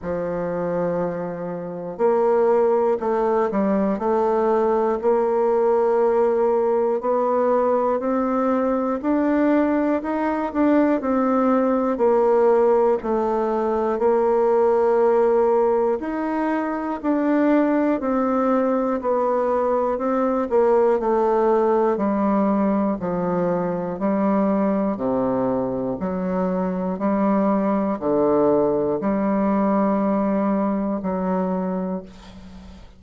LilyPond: \new Staff \with { instrumentName = "bassoon" } { \time 4/4 \tempo 4 = 60 f2 ais4 a8 g8 | a4 ais2 b4 | c'4 d'4 dis'8 d'8 c'4 | ais4 a4 ais2 |
dis'4 d'4 c'4 b4 | c'8 ais8 a4 g4 f4 | g4 c4 fis4 g4 | d4 g2 fis4 | }